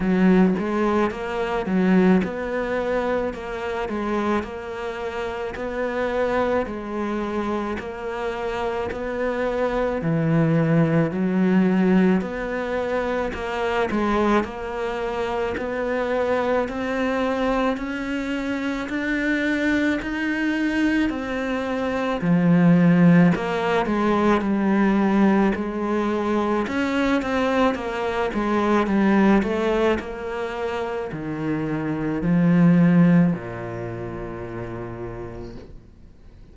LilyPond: \new Staff \with { instrumentName = "cello" } { \time 4/4 \tempo 4 = 54 fis8 gis8 ais8 fis8 b4 ais8 gis8 | ais4 b4 gis4 ais4 | b4 e4 fis4 b4 | ais8 gis8 ais4 b4 c'4 |
cis'4 d'4 dis'4 c'4 | f4 ais8 gis8 g4 gis4 | cis'8 c'8 ais8 gis8 g8 a8 ais4 | dis4 f4 ais,2 | }